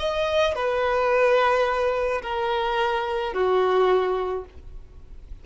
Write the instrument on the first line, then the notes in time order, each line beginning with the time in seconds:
violin
0.00 D#5
0.56 B4
2.23 A#4
3.34 F#4